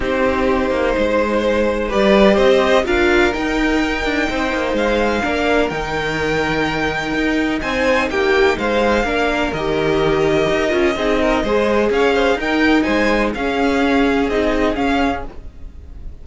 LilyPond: <<
  \new Staff \with { instrumentName = "violin" } { \time 4/4 \tempo 4 = 126 c''1 | d''4 dis''4 f''4 g''4~ | g''2 f''2 | g''1 |
gis''4 g''4 f''2 | dis''1~ | dis''4 f''4 g''4 gis''4 | f''2 dis''4 f''4 | }
  \new Staff \with { instrumentName = "violin" } { \time 4/4 g'2 c''2 | b'4 c''4 ais'2~ | ais'4 c''2 ais'4~ | ais'1 |
c''4 g'4 c''4 ais'4~ | ais'2. gis'8 ais'8 | c''4 cis''8 c''8 ais'4 c''4 | gis'1 | }
  \new Staff \with { instrumentName = "viola" } { \time 4/4 dis'1 | g'2 f'4 dis'4~ | dis'2. d'4 | dis'1~ |
dis'2. d'4 | g'2~ g'8 f'8 dis'4 | gis'2 dis'2 | cis'2 dis'4 cis'4 | }
  \new Staff \with { instrumentName = "cello" } { \time 4/4 c'4. ais8 gis2 | g4 c'4 d'4 dis'4~ | dis'8 d'8 c'8 ais8 gis4 ais4 | dis2. dis'4 |
c'4 ais4 gis4 ais4 | dis2 dis'8 cis'8 c'4 | gis4 cis'4 dis'4 gis4 | cis'2 c'4 cis'4 | }
>>